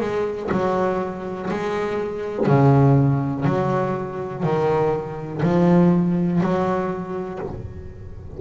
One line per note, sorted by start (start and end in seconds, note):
0.00 0.49 G#3
0.51 1.49 F#3
1.50 2.46 G#3
2.46 3.44 C#3
3.44 4.43 F#3
4.43 5.41 D#3
5.42 6.40 F3
6.40 7.39 F#3